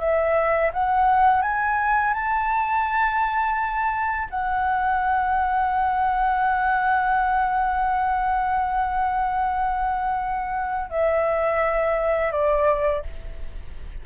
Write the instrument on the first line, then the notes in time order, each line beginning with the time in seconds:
flute
0.00 E5
0.73 F#5
1.42 G#5
2.14 A5
4.30 F#5
10.90 E5
12.31 D5